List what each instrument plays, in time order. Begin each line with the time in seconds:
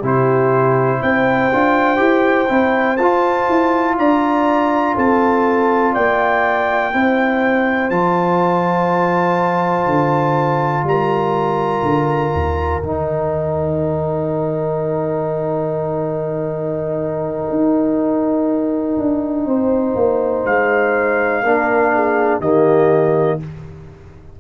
0.00 tuba C3, trombone E4, horn G4
0.06 trumpet C5
1.02 tuba C4, horn C5, trumpet G5
1.53 tuba D4, trombone F4
1.97 tuba E4, trombone G4
2.48 tuba C4, trombone E4
2.97 tuba F4, trombone F4, trumpet A5
3.49 tuba E4
3.98 tuba D4, horn D5, trumpet A#5
4.95 tuba C4, horn A4, trumpet A5
5.93 tuba A#3, horn D5, trumpet G5
6.93 tuba C4, trombone E4, horn C5
7.90 tuba F3, trombone F4, trumpet A5
9.86 tuba D3
10.84 tuba G3, horn A#4, trumpet A#5
11.83 tuba D3
12.34 tuba D#2
12.81 tuba D#3, trombone D#4, trumpet G5
17.50 tuba D#4
18.98 tuba D4
19.46 tuba C4, horn C5
19.95 tuba A#3
20.46 tuba G#3, trumpet F5
21.43 tuba A#3, trombone D4, horn A#4
21.94 horn G#4
22.40 tuba D#3, trombone A#3, horn G4, trumpet D#5